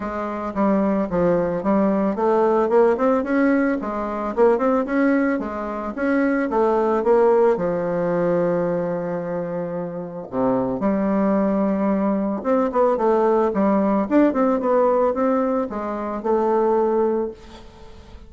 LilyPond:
\new Staff \with { instrumentName = "bassoon" } { \time 4/4 \tempo 4 = 111 gis4 g4 f4 g4 | a4 ais8 c'8 cis'4 gis4 | ais8 c'8 cis'4 gis4 cis'4 | a4 ais4 f2~ |
f2. c4 | g2. c'8 b8 | a4 g4 d'8 c'8 b4 | c'4 gis4 a2 | }